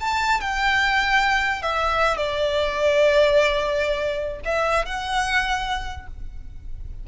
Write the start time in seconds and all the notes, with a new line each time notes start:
0.00 A5
0.40 G5
1.62 E5
2.17 D5
4.45 E5
4.85 F#5